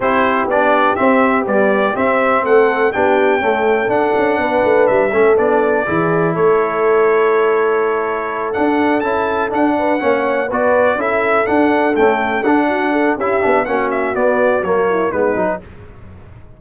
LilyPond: <<
  \new Staff \with { instrumentName = "trumpet" } { \time 4/4 \tempo 4 = 123 c''4 d''4 e''4 d''4 | e''4 fis''4 g''2 | fis''2 e''4 d''4~ | d''4 cis''2.~ |
cis''4. fis''4 a''4 fis''8~ | fis''4. d''4 e''4 fis''8~ | fis''8 g''4 fis''4. e''4 | fis''8 e''8 d''4 cis''4 b'4 | }
  \new Staff \with { instrumentName = "horn" } { \time 4/4 g'1~ | g'4 a'4 g'4 a'4~ | a'4 b'4. a'4. | gis'4 a'2.~ |
a'1 | b'8 cis''4 b'4 a'4.~ | a'2 fis'8 a'8 g'4 | fis'2~ fis'8 e'8 dis'4 | }
  \new Staff \with { instrumentName = "trombone" } { \time 4/4 e'4 d'4 c'4 g4 | c'2 d'4 a4 | d'2~ d'8 cis'8 d'4 | e'1~ |
e'4. d'4 e'4 d'8~ | d'8 cis'4 fis'4 e'4 d'8~ | d'8 a4 d'4. e'8 d'8 | cis'4 b4 ais4 b8 dis'8 | }
  \new Staff \with { instrumentName = "tuba" } { \time 4/4 c'4 b4 c'4 b4 | c'4 a4 b4 cis'4 | d'8 cis'8 b8 a8 g8 a8 b4 | e4 a2.~ |
a4. d'4 cis'4 d'8~ | d'8 ais4 b4 cis'4 d'8~ | d'8 cis'4 d'4. cis'8 b8 | ais4 b4 fis4 gis8 fis8 | }
>>